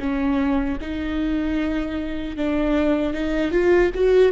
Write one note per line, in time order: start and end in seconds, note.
0.00 0.79 C#4
0.81 2.37 D#4
2.37 3.14 D4
3.14 3.52 D#4
3.52 3.92 F4
3.95 4.32 F#4